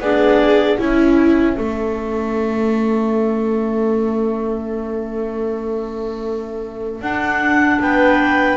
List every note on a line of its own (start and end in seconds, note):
0.00 0.78 B3
0.00 0.81 D4
0.00 0.79 G#4
0.00 0.78 D5
0.78 1.56 C#4
0.78 7.03 C#4
0.78 1.56 E4
0.78 7.02 E5
1.56 7.01 A3
1.56 7.80 A4
7.01 7.79 D4
7.01 8.57 D4
7.01 7.80 F#5
7.80 8.57 B3
7.80 8.57 B4
7.80 8.57 G5